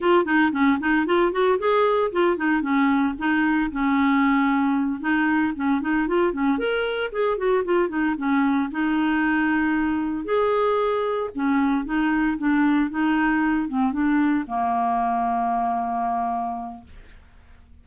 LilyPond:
\new Staff \with { instrumentName = "clarinet" } { \time 4/4 \tempo 4 = 114 f'8 dis'8 cis'8 dis'8 f'8 fis'8 gis'4 | f'8 dis'8 cis'4 dis'4 cis'4~ | cis'4. dis'4 cis'8 dis'8 f'8 | cis'8 ais'4 gis'8 fis'8 f'8 dis'8 cis'8~ |
cis'8 dis'2. gis'8~ | gis'4. cis'4 dis'4 d'8~ | d'8 dis'4. c'8 d'4 ais8~ | ais1 | }